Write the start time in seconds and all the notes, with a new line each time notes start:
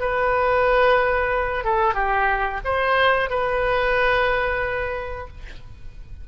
0.00 B4
1.65 A4
1.95 G4
2.65 C5
3.30 B4